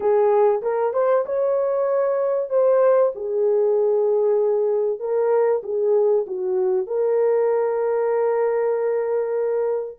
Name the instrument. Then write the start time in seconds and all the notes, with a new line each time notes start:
horn
0.00 G#4
0.62 A#4
0.93 C5
1.25 C#5
2.49 C5
3.15 G#4
4.99 A#4
5.62 G#4
6.26 F#4
6.86 A#4